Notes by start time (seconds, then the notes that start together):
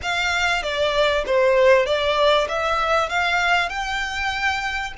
0.02 F5
0.62 D5
1.25 C5
1.86 D5
2.48 E5
3.09 F5
3.69 G5